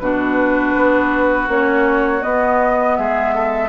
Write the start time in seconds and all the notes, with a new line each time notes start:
0.00 B2 D4 F#4 B4
0.76 B3
1.48 A#3 C#4 C#5
2.21 B3 D#5
2.97 G#3 G#4 E5
3.35 A4